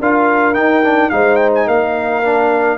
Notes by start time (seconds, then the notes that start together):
0.00 D4 F4 A#4 F5
0.54 D#4 G5
0.83 D4
1.09 G#3 D#4 C5 F5
1.36 G5
1.55 G#5
1.66 A#3 A#4 F5
2.23 D4